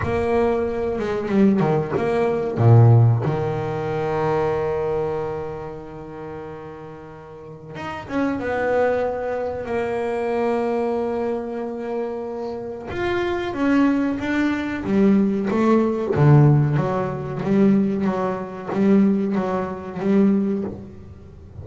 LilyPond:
\new Staff \with { instrumentName = "double bass" } { \time 4/4 \tempo 4 = 93 ais4. gis8 g8 dis8 ais4 | ais,4 dis2.~ | dis1 | dis'8 cis'8 b2 ais4~ |
ais1 | f'4 cis'4 d'4 g4 | a4 d4 fis4 g4 | fis4 g4 fis4 g4 | }